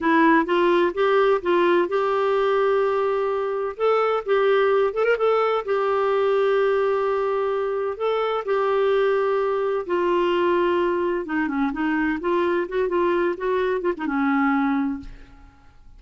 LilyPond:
\new Staff \with { instrumentName = "clarinet" } { \time 4/4 \tempo 4 = 128 e'4 f'4 g'4 f'4 | g'1 | a'4 g'4. a'16 ais'16 a'4 | g'1~ |
g'4 a'4 g'2~ | g'4 f'2. | dis'8 cis'8 dis'4 f'4 fis'8 f'8~ | f'8 fis'4 f'16 dis'16 cis'2 | }